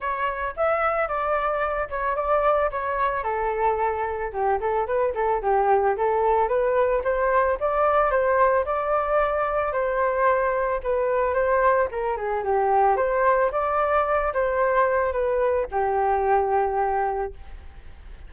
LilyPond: \new Staff \with { instrumentName = "flute" } { \time 4/4 \tempo 4 = 111 cis''4 e''4 d''4. cis''8 | d''4 cis''4 a'2 | g'8 a'8 b'8 a'8 g'4 a'4 | b'4 c''4 d''4 c''4 |
d''2 c''2 | b'4 c''4 ais'8 gis'8 g'4 | c''4 d''4. c''4. | b'4 g'2. | }